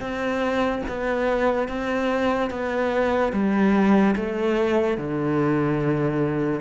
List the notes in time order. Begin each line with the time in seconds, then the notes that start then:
0.00 C4
0.88 B3
1.68 C4
2.50 B3
3.33 G3
4.16 A3
4.97 D3